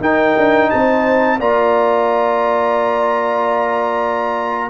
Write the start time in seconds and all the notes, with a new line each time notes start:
0.00 D#4 A#4 G5
0.37 D4
0.70 C4 C5 A5
1.39 A#3 F4 D5 A#5